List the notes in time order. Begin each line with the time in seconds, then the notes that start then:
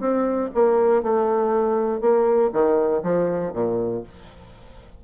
0.00 C4
0.55 A#3
1.03 A3
2.00 A#3
2.53 D#3
3.03 F3
3.53 A#2